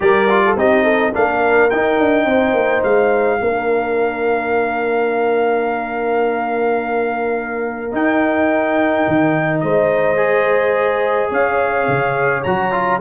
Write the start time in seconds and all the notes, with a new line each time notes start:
0.00 G3 G4 A#4 D5
0.29 F4
0.44 A4
0.56 C4 D#4 G4 D#5
0.83 A4
1.13 A#3 D4 A#4 F5
1.70 D#4 G5
1.99 D4
2.25 C4 C5
2.53 A#3
2.83 G#3 F5
3.39 A#3 D4 A#4
7.91 D#4 G5
9.07 D#3
9.60 G#3 C5 D#5
10.17 G#4
11.30 C#4 C#5 F5
11.88 C#3
12.43 F#3 F#4 A#5
12.71 F4